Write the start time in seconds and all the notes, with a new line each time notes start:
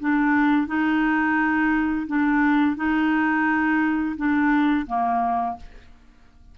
0.00 D4
0.67 D#4
2.07 D4
2.77 D#4
4.17 D4
4.87 A#3